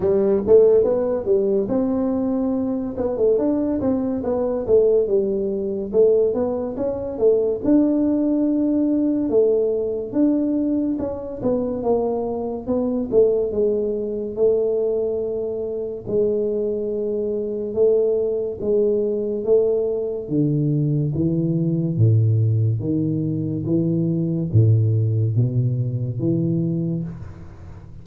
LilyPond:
\new Staff \with { instrumentName = "tuba" } { \time 4/4 \tempo 4 = 71 g8 a8 b8 g8 c'4. b16 a16 | d'8 c'8 b8 a8 g4 a8 b8 | cis'8 a8 d'2 a4 | d'4 cis'8 b8 ais4 b8 a8 |
gis4 a2 gis4~ | gis4 a4 gis4 a4 | d4 e4 a,4 dis4 | e4 a,4 b,4 e4 | }